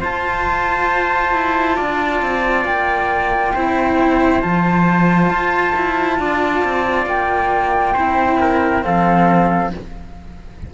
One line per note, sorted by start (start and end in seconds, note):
0.00 1.33 F4
0.00 3.56 F4
0.00 1.76 C5
0.00 2.64 A5
1.33 1.77 E4
1.76 2.21 D4
1.76 3.53 D5
2.21 2.65 C4
2.64 3.53 A#3
2.64 4.40 G5
3.54 4.43 C4
3.54 4.42 E4
3.54 6.18 C5
4.40 5.29 F3
4.40 7.95 F4
4.40 7.05 A5
5.29 5.74 F4
5.75 6.19 E4
6.19 6.63 D4
6.19 7.93 D5
6.64 7.06 C4
7.06 7.94 A#3
7.06 8.83 G5
7.93 8.84 C4
7.93 8.82 E4
7.93 8.37 C5
8.40 8.84 A#4
8.82 9.74 F3
8.82 9.70 C4
8.82 9.73 A4
8.82 9.72 F5